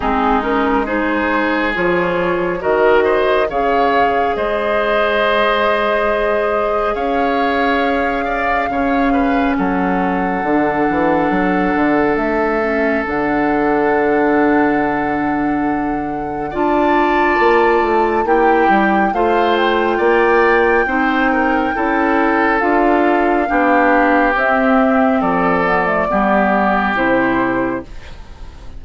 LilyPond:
<<
  \new Staff \with { instrumentName = "flute" } { \time 4/4 \tempo 4 = 69 gis'8 ais'8 c''4 cis''4 dis''4 | f''4 dis''2. | f''2. fis''4~ | fis''2 e''4 fis''4~ |
fis''2. a''4~ | a''4 g''4 f''8 g''4.~ | g''2 f''2 | e''4 d''2 c''4 | }
  \new Staff \with { instrumentName = "oboe" } { \time 4/4 dis'4 gis'2 ais'8 c''8 | cis''4 c''2. | cis''4. d''8 cis''8 b'8 a'4~ | a'1~ |
a'2. d''4~ | d''4 g'4 c''4 d''4 | c''8 ais'8 a'2 g'4~ | g'4 a'4 g'2 | }
  \new Staff \with { instrumentName = "clarinet" } { \time 4/4 c'8 cis'8 dis'4 f'4 fis'4 | gis'1~ | gis'2 cis'2 | d'2~ d'8 cis'8 d'4~ |
d'2. f'4~ | f'4 e'4 f'2 | dis'4 e'4 f'4 d'4 | c'4. b16 a16 b4 e'4 | }
  \new Staff \with { instrumentName = "bassoon" } { \time 4/4 gis2 f4 dis4 | cis4 gis2. | cis'2 cis4 fis4 | d8 e8 fis8 d8 a4 d4~ |
d2. d'4 | ais8 a8 ais8 g8 a4 ais4 | c'4 cis'4 d'4 b4 | c'4 f4 g4 c4 | }
>>